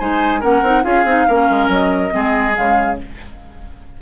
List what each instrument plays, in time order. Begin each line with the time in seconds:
0.00 bassoon G#3, clarinet D#4, oboe C5, flute G#5
0.41 bassoon A#3, clarinet C#4, oboe A#4, flute F#5
0.63 bassoon C4, clarinet D#4
0.84 bassoon C#4, clarinet F4, oboe G#4, flute F5
1.05 bassoon C4, clarinet D#4
1.28 bassoon A#3, clarinet C#4, oboe A#4
1.50 bassoon G#3
1.69 bassoon F#3, flute D#5
2.10 bassoon G#3, clarinet C4, oboe G#4
2.54 bassoon C#3, clarinet G#3, flute F5